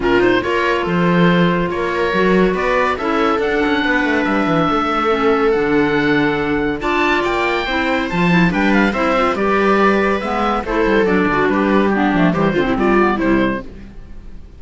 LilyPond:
<<
  \new Staff \with { instrumentName = "oboe" } { \time 4/4 \tempo 4 = 141 ais'8 c''8 cis''4 c''2 | cis''2 d''4 e''4 | fis''2 e''2~ | e''4 fis''2. |
a''4 g''2 a''4 | g''8 f''8 e''4 d''2 | e''4 c''4 d''4 b'4 | g'4 c''4 d''4 c''4 | }
  \new Staff \with { instrumentName = "viola" } { \time 4/4 f'4 ais'4 a'2 | ais'2 b'4 a'4~ | a'4 b'2 a'4~ | a'1 |
d''2 c''2 | b'4 c''4 b'2~ | b'4 a'4. fis'8 g'4 | d'4 g'8 f'16 e'16 f'4 e'4 | }
  \new Staff \with { instrumentName = "clarinet" } { \time 4/4 cis'8 dis'8 f'2.~ | f'4 fis'2 e'4 | d'1 | cis'4 d'2. |
f'2 e'4 f'8 e'8 | d'4 e'8 f'8 g'2 | b4 e'4 d'2 | b8 a8 g8 c'4 b8 g4 | }
  \new Staff \with { instrumentName = "cello" } { \time 4/4 ais,4 ais4 f2 | ais4 fis4 b4 cis'4 | d'8 cis'8 b8 a8 g8 e8 a4~ | a4 d2. |
d'4 ais4 c'4 f4 | g4 c'4 g2 | gis4 a8 g8 fis8 d8 g4~ | g8 f8 e8 d16 c16 g4 c4 | }
>>